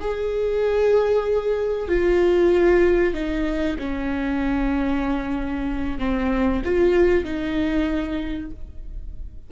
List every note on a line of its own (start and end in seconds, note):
0.00 1.88 G#4
1.88 3.14 F4
3.14 3.77 D#4
3.79 5.99 C#4
5.99 6.62 C4
6.65 7.24 F4
7.24 8.51 D#4